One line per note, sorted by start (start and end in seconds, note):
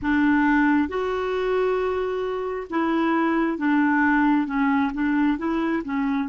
0.02 0.88 D4
0.88 2.67 F#4
2.69 3.57 E4
3.57 4.46 D4
4.46 4.91 C#4
4.93 5.38 D4
5.38 5.82 E4
5.84 6.29 C#4